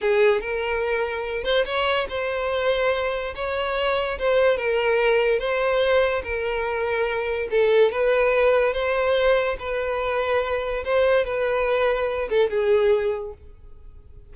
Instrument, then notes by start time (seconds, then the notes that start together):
violin
0.01 G#4
0.41 A#4
1.44 C5
1.65 C#5
2.09 C5
3.35 C#5
4.19 C5
4.57 A#4
5.39 C5
6.23 A#4
7.50 A4
7.91 B4
8.73 C5
9.59 B4
10.84 C5
11.24 B4
12.29 A4
12.50 G#4